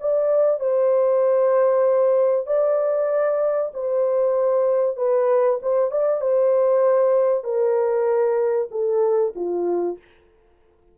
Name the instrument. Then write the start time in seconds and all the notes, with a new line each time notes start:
horn
0.00 D5
0.60 C5
2.46 D5
3.74 C5
4.97 B4
5.62 C5
5.91 D5
6.21 C5
7.43 A#4
8.71 A4
9.35 F4